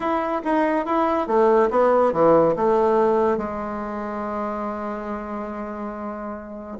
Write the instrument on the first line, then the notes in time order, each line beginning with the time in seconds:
bassoon
0.00 E4
0.44 D#4
0.85 E4
1.27 A3
1.70 B3
2.12 E3
2.56 A3
3.37 G#3